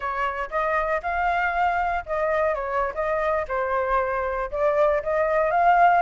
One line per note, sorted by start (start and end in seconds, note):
0.00 0.49 C#5
0.50 1.01 D#5
1.02 2.05 F5
2.06 2.54 D#5
2.54 2.93 C#5
2.94 3.45 D#5
3.48 4.50 C5
4.51 5.02 D5
5.03 5.51 D#5
5.51 6.01 F5